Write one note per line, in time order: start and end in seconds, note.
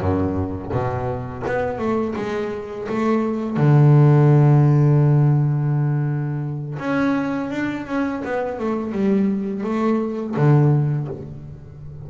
0.00 0.71 F#2
0.71 1.43 B2
1.46 1.78 B3
1.78 2.14 A3
2.16 2.87 G#3
2.88 3.56 A3
3.56 6.78 D3
6.79 7.50 C#4
7.50 7.86 D4
7.86 8.22 C#4
8.24 8.59 B3
8.59 8.92 A3
8.92 9.63 G3
9.63 10.34 A3
10.36 11.08 D3